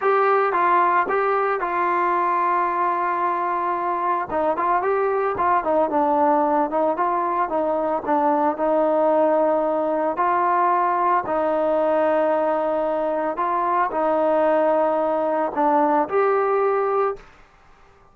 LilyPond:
\new Staff \with { instrumentName = "trombone" } { \time 4/4 \tempo 4 = 112 g'4 f'4 g'4 f'4~ | f'1 | dis'8 f'8 g'4 f'8 dis'8 d'4~ | d'8 dis'8 f'4 dis'4 d'4 |
dis'2. f'4~ | f'4 dis'2.~ | dis'4 f'4 dis'2~ | dis'4 d'4 g'2 | }